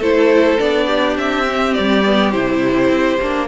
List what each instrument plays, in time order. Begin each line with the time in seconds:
0.00 cello A3, viola E4, violin A4 C5
0.59 cello B3, viola D4, violin D5
0.87 violin G4
1.18 cello C4, violin E5
1.46 viola C4
1.74 cello G3, violin D5
2.05 viola B3
2.32 cello C3, viola E4, violin C5
2.89 cello C4
3.22 cello A#3, viola D4